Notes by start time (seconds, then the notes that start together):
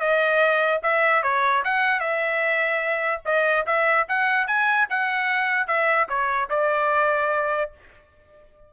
0.00 D#5
0.83 E5
1.23 C#5
1.65 F#5
2.00 E5
3.26 D#5
3.67 E5
4.09 F#5
4.47 G#5
4.90 F#5
5.67 E5
6.09 C#5
6.50 D5